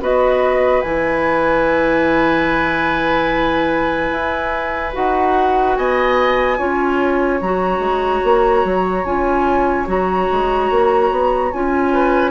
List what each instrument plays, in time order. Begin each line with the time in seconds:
0.00 bassoon B3, clarinet F#4, oboe B4, flute D#5
0.81 bassoon E3, clarinet E4, flute G#5
4.10 bassoon E4
4.93 bassoon D#4, clarinet F#4, flute F#5
5.76 bassoon B3, oboe D#5, flute G#5
6.58 bassoon C#4, clarinet F4, oboe C#5
7.40 bassoon F#3, clarinet F#4, flute A#5
7.79 bassoon G#3
8.24 bassoon A#3
8.64 bassoon F#3
9.04 bassoon C#4, clarinet F4, flute G#5
9.86 bassoon F#3, clarinet F#4, flute A#5
10.31 bassoon G#3
10.70 bassoon A#3
11.11 bassoon B3
11.52 bassoon C#4, clarinet F4, flute G#5
11.93 oboe B4